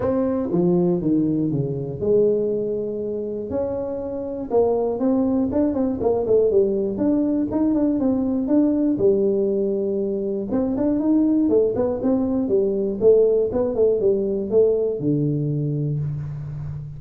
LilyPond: \new Staff \with { instrumentName = "tuba" } { \time 4/4 \tempo 4 = 120 c'4 f4 dis4 cis4 | gis2. cis'4~ | cis'4 ais4 c'4 d'8 c'8 | ais8 a8 g4 d'4 dis'8 d'8 |
c'4 d'4 g2~ | g4 c'8 d'8 dis'4 a8 b8 | c'4 g4 a4 b8 a8 | g4 a4 d2 | }